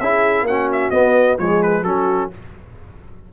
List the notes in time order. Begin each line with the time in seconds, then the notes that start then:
0.00 C#4 E4 G#4 E5
0.42 A#3 F#4 F#5
0.49 C#4
0.73 E5
0.91 B3 D#5
1.39 F3 G#3 G#4 C#5
1.63 B4
1.83 F#3 C#4 F#4 A4